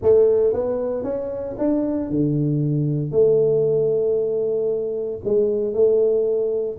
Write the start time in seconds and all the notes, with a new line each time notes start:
0.01 A3
0.53 B3
1.03 C#4
1.58 D4
2.10 D3
3.11 A3
5.24 G#3
5.73 A3